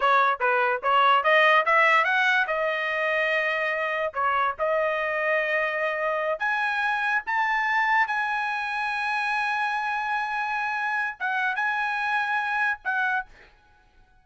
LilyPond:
\new Staff \with { instrumentName = "trumpet" } { \time 4/4 \tempo 4 = 145 cis''4 b'4 cis''4 dis''4 | e''4 fis''4 dis''2~ | dis''2 cis''4 dis''4~ | dis''2.~ dis''8 gis''8~ |
gis''4. a''2 gis''8~ | gis''1~ | gis''2. fis''4 | gis''2. fis''4 | }